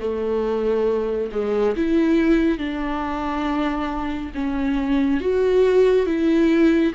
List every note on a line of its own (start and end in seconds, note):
0.00 1.30 A3
1.32 1.75 G#3
1.77 2.58 E4
2.58 4.32 D4
4.35 5.21 C#4
5.21 6.07 F#4
6.07 6.94 E4